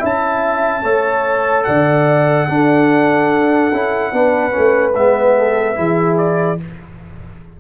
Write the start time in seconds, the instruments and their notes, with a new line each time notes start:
0.00 tuba C#4, trombone E4, horn E5, trumpet A5
0.84 tuba A3, trombone A4, horn C#5
1.64 tuba D3, horn D5, trumpet F#5
2.49 tuba D4, trombone D4, horn A4
3.72 tuba C#4, trombone E4
4.12 tuba B3, trombone D4, horn B4
4.51 trombone C#4
4.58 tuba A3
4.95 tuba G#3, trombone B3, trumpet E5
5.38 horn A4
5.76 tuba E3, trombone E4, horn G#4
6.18 trumpet D5